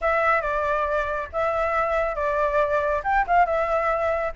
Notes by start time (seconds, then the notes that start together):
0.01 E5
0.41 D5
1.32 E5
2.15 D5
3.03 G5
3.27 F5
3.45 E5